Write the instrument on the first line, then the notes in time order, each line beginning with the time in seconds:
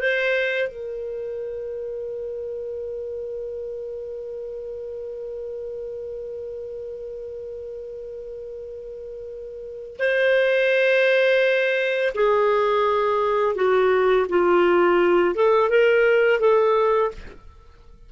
clarinet
0.00 C5
0.69 A#4
10.00 C5
12.15 G#4
13.56 F#4
14.30 F4
15.35 A4
15.70 A#4
16.40 A4